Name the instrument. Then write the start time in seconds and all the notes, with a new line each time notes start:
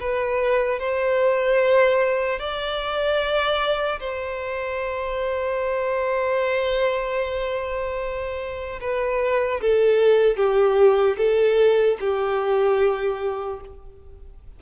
violin
0.00 B4
0.80 C5
2.40 D5
4.00 C5
8.81 B4
9.61 A4
10.37 G4
11.17 A4
12.00 G4